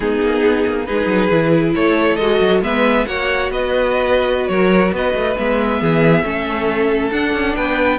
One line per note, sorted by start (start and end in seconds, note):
0.00 0.20 G#3
0.00 0.86 B3
0.00 0.86 D#4
0.00 0.85 G#4
0.21 0.42 A#3
0.42 0.64 B3
0.66 0.88 A#3
0.85 1.06 G#3
0.85 1.30 D#4
0.85 1.74 G#4
0.85 1.73 B4
1.06 1.28 F#3
1.30 1.74 E3
1.30 2.18 E4
1.75 2.18 A3
1.75 2.62 A4
1.75 2.16 C#5
2.16 2.40 G#3
2.16 2.62 F#4
2.16 2.59 D#5
2.40 2.61 F#3
2.61 3.05 G#3
2.61 3.05 B3
2.61 3.06 B4
2.61 3.06 E5
3.06 3.50 A#3
3.06 5.36 F#4
3.06 3.52 C#5
3.06 3.50 F#5
3.50 4.48 B3
3.50 4.50 B4
3.50 4.47 D#5
4.47 4.92 F#3
4.47 4.94 A#4
4.47 4.91 C#5
4.92 5.14 B3
4.92 5.80 B4
4.92 5.37 D#5
5.14 5.36 A3
5.37 5.81 G#3
5.37 6.24 B3
5.37 7.11 E5
5.80 6.22 E3
5.80 6.24 G#4
6.22 7.10 A3
6.22 7.11 C#4
6.22 7.55 A4
7.11 7.33 D4
7.11 7.99 D4
7.11 7.55 F#5
7.33 7.55 C#4
7.55 7.99 B3
7.55 7.99 B4
7.55 7.99 G5